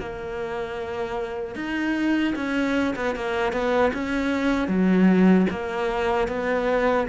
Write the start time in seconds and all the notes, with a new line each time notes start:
0.00 A#3
1.56 D#4
2.35 C#4
2.96 B3
3.16 A#3
3.53 B3
3.94 C#4
4.68 F#3
5.50 A#3
6.28 B3